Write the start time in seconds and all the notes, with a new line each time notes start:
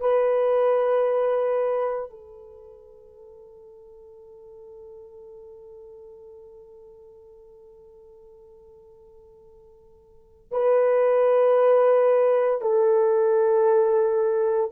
0.00 B4
2.10 A4
10.52 B4
12.61 A4